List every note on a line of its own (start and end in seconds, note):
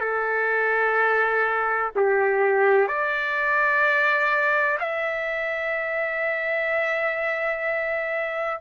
0.00 1.90 A4
1.96 2.87 G4
2.87 4.78 D5
4.79 8.60 E5